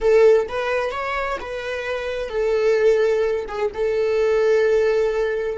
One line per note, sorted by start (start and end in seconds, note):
0.01 0.47 A4
0.48 0.91 B4
0.91 1.37 C#5
1.40 2.29 B4
2.29 3.45 A4
3.48 3.71 G#4
3.74 5.58 A4